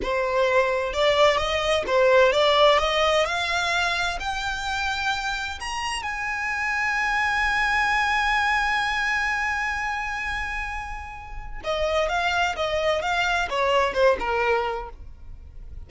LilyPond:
\new Staff \with { instrumentName = "violin" } { \time 4/4 \tempo 4 = 129 c''2 d''4 dis''4 | c''4 d''4 dis''4 f''4~ | f''4 g''2. | ais''4 gis''2.~ |
gis''1~ | gis''1~ | gis''4 dis''4 f''4 dis''4 | f''4 cis''4 c''8 ais'4. | }